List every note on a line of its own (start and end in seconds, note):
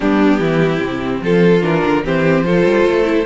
0.00 0.39 G3
0.00 0.77 B3
0.00 0.40 D4
0.00 1.21 G4
0.39 0.80 E3
0.39 1.21 E4
0.77 1.21 C3
0.77 1.59 C4
1.22 1.62 F3
1.22 2.04 F4
1.22 1.63 A4
1.61 1.83 E3
1.61 2.02 D4
1.61 2.04 A#4
1.85 2.04 D3
2.04 2.42 E3
2.04 2.45 C4
2.04 2.45 G4
2.04 3.25 C5
2.42 2.63 F3
2.42 3.04 F4
2.42 3.25 A4
2.65 2.85 G3
2.85 3.25 A3
3.04 3.24 E4